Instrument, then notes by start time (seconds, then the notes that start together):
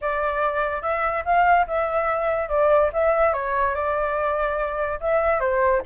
flute
0.01 D5
0.81 E5
1.24 F5
1.67 E5
2.48 D5
2.93 E5
3.33 C#5
3.74 D5
5.00 E5
5.40 C5